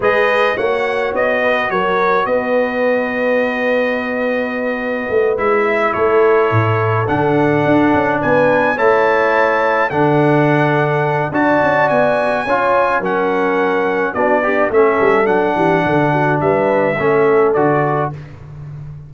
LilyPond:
<<
  \new Staff \with { instrumentName = "trumpet" } { \time 4/4 \tempo 4 = 106 dis''4 fis''4 dis''4 cis''4 | dis''1~ | dis''4. e''4 cis''4.~ | cis''8 fis''2 gis''4 a''8~ |
a''4. fis''2~ fis''8 | a''4 gis''2 fis''4~ | fis''4 d''4 e''4 fis''4~ | fis''4 e''2 d''4 | }
  \new Staff \with { instrumentName = "horn" } { \time 4/4 b'4 cis''4. b'8 ais'4 | b'1~ | b'2~ b'8 a'4.~ | a'2~ a'8 b'4 cis''8~ |
cis''4. a'2~ a'8 | d''2 cis''4 ais'4~ | ais'4 fis'8 d'8 a'4. g'8 | a'8 fis'8 b'4 a'2 | }
  \new Staff \with { instrumentName = "trombone" } { \time 4/4 gis'4 fis'2.~ | fis'1~ | fis'4. e'2~ e'8~ | e'8 d'2. e'8~ |
e'4. d'2~ d'8 | fis'2 f'4 cis'4~ | cis'4 d'8 g'8 cis'4 d'4~ | d'2 cis'4 fis'4 | }
  \new Staff \with { instrumentName = "tuba" } { \time 4/4 gis4 ais4 b4 fis4 | b1~ | b4 a8 gis4 a4 a,8~ | a,8 d4 d'8 cis'8 b4 a8~ |
a4. d2~ d8 | d'8 cis'8 b4 cis'4 fis4~ | fis4 b4 a8 g8 fis8 e8 | d4 g4 a4 d4 | }
>>